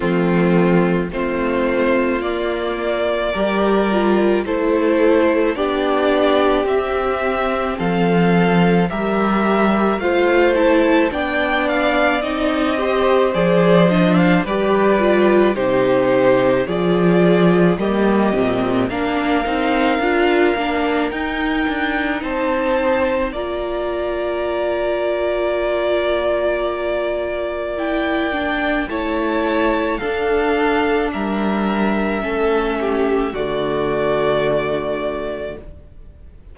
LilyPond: <<
  \new Staff \with { instrumentName = "violin" } { \time 4/4 \tempo 4 = 54 f'4 c''4 d''2 | c''4 d''4 e''4 f''4 | e''4 f''8 a''8 g''8 f''8 dis''4 | d''8 dis''16 f''16 d''4 c''4 d''4 |
dis''4 f''2 g''4 | a''4 ais''2.~ | ais''4 g''4 a''4 f''4 | e''2 d''2 | }
  \new Staff \with { instrumentName = "violin" } { \time 4/4 c'4 f'2 ais'4 | a'4 g'2 a'4 | ais'4 c''4 d''4. c''8~ | c''4 b'4 g'4 gis'4 |
g'4 ais'2. | c''4 d''2.~ | d''2 cis''4 a'4 | ais'4 a'8 g'8 fis'2 | }
  \new Staff \with { instrumentName = "viola" } { \time 4/4 a4 c'4 ais4 g'8 f'8 | e'4 d'4 c'2 | g'4 f'8 e'8 d'4 dis'8 g'8 | gis'8 d'8 g'8 f'8 dis'4 f'4 |
ais8 c'8 d'8 dis'8 f'8 d'8 dis'4~ | dis'4 f'2.~ | f'4 e'8 d'8 e'4 d'4~ | d'4 cis'4 a2 | }
  \new Staff \with { instrumentName = "cello" } { \time 4/4 f4 a4 ais4 g4 | a4 b4 c'4 f4 | g4 a4 b4 c'4 | f4 g4 c4 f4 |
g8 ais,8 ais8 c'8 d'8 ais8 dis'8 d'8 | c'4 ais2.~ | ais2 a4 d'4 | g4 a4 d2 | }
>>